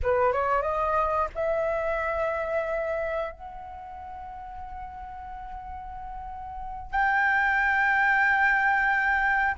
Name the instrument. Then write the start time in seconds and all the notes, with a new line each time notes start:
flute
0.02 B4
0.32 C#5
0.61 D#5
1.34 E5
3.31 F#5
6.91 G5